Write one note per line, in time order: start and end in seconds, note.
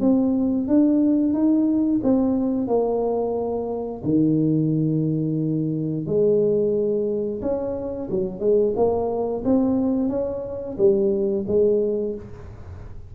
0.00 0.67 C4
0.67 1.33 D4
1.33 2.00 D#4
2.03 2.67 C4
2.67 4.02 A#3
4.03 6.06 D#3
6.06 7.40 G#3
7.41 8.09 C#4
8.10 8.40 F#3
8.40 8.73 G#3
8.75 9.43 A#3
9.44 10.09 C4
10.09 10.76 C#4
10.77 11.45 G3
11.47 12.14 G#3